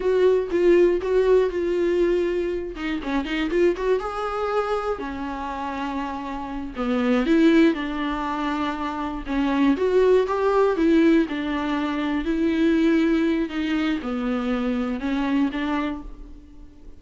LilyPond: \new Staff \with { instrumentName = "viola" } { \time 4/4 \tempo 4 = 120 fis'4 f'4 fis'4 f'4~ | f'4. dis'8 cis'8 dis'8 f'8 fis'8 | gis'2 cis'2~ | cis'4. b4 e'4 d'8~ |
d'2~ d'8 cis'4 fis'8~ | fis'8 g'4 e'4 d'4.~ | d'8 e'2~ e'8 dis'4 | b2 cis'4 d'4 | }